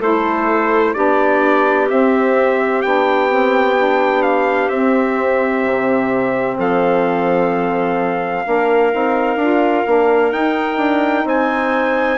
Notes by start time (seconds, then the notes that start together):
0.00 A3 E4 A4 C5
0.94 B3 D4 G4 D5
1.89 C4 E5
2.82 B3 D4 G5
3.29 C4
3.77 D4
4.23 F5
4.69 C4 E5
5.66 C3
6.58 F3 A4 F5
8.45 A#3 D4 A#4
8.92 C4 D#4
9.36 D4 F4
9.87 A#3 D4
10.32 D#4 G5
10.78 D4
11.25 C4 C5 G#5